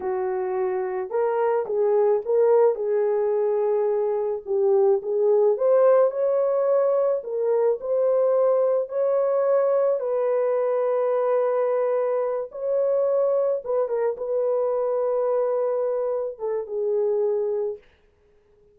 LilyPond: \new Staff \with { instrumentName = "horn" } { \time 4/4 \tempo 4 = 108 fis'2 ais'4 gis'4 | ais'4 gis'2. | g'4 gis'4 c''4 cis''4~ | cis''4 ais'4 c''2 |
cis''2 b'2~ | b'2~ b'8 cis''4.~ | cis''8 b'8 ais'8 b'2~ b'8~ | b'4. a'8 gis'2 | }